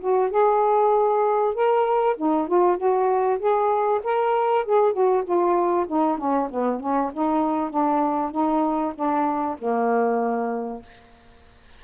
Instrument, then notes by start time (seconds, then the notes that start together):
saxophone
0.00 F#4
0.30 G#4
1.54 A#4
2.16 D#4
2.47 F4
2.77 F#4
3.39 G#4
4.03 A#4
4.65 G#4
4.92 F#4
5.24 F4
5.87 D#4
6.17 C#4
6.50 B3
6.80 C#4
7.13 D#4
7.70 D4
8.31 D#4
8.94 D4
9.58 A#3